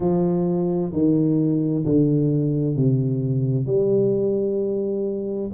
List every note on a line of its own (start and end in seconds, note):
0.00 0.92 F3
0.92 1.84 D#3
1.85 2.76 D3
2.76 3.65 C3
3.65 5.50 G3